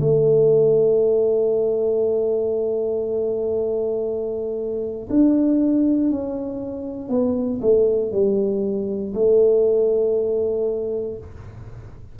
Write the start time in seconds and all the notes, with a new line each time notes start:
0.00 A3
5.10 D4
6.11 C#4
7.09 B3
7.62 A3
8.12 G3
9.14 A3